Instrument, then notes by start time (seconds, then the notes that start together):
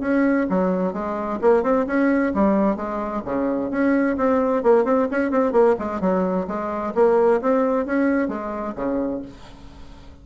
bassoon
0.00 C#4
0.49 F#3
0.93 G#3
1.41 A#3
1.62 C4
1.86 C#4
2.34 G3
2.76 G#3
3.24 C#3
3.70 C#4
4.17 C4
4.62 A#3
4.84 C4
5.10 C#4
5.31 C4
5.52 A#3
5.79 G#3
6.00 F#3
6.47 G#3
6.94 A#3
7.41 C4
7.85 C#4
8.28 G#3
8.75 C#3